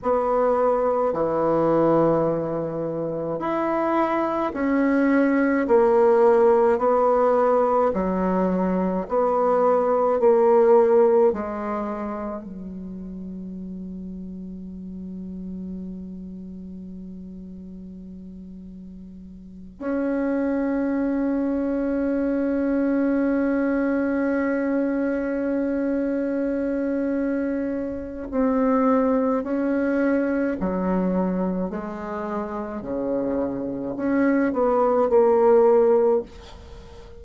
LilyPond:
\new Staff \with { instrumentName = "bassoon" } { \time 4/4 \tempo 4 = 53 b4 e2 e'4 | cis'4 ais4 b4 fis4 | b4 ais4 gis4 fis4~ | fis1~ |
fis4. cis'2~ cis'8~ | cis'1~ | cis'4 c'4 cis'4 fis4 | gis4 cis4 cis'8 b8 ais4 | }